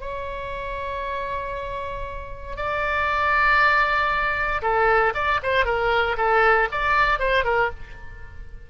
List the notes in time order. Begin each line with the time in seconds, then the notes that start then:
0.00 C#5
2.56 D5
4.62 A4
5.14 D5
5.42 C5
5.65 A#4
6.17 A4
6.71 D5
7.19 C5
7.44 A#4